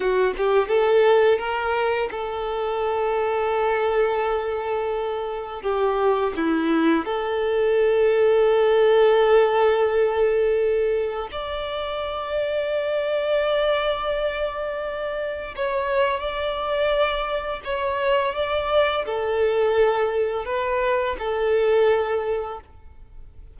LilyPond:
\new Staff \with { instrumentName = "violin" } { \time 4/4 \tempo 4 = 85 fis'8 g'8 a'4 ais'4 a'4~ | a'1 | g'4 e'4 a'2~ | a'1 |
d''1~ | d''2 cis''4 d''4~ | d''4 cis''4 d''4 a'4~ | a'4 b'4 a'2 | }